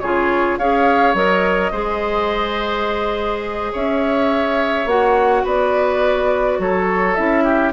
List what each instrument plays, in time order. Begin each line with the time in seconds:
0.00 bassoon C#3, clarinet F4, oboe G#4, flute C#5
0.58 bassoon C#4, clarinet G#4, oboe C#5, flute F5
1.14 bassoon F#3, clarinet A#4, flute D#5
1.72 bassoon G#3, clarinet G#4, oboe C5
3.72 bassoon C#4, oboe C#5, flute E5
4.86 bassoon A#3, clarinet F#4, flute F#5
5.43 bassoon B3, oboe B4, flute D5
6.59 bassoon F#3, oboe A4, flute C#5
7.15 bassoon C#4, clarinet E4, flute E5
7.44 oboe G4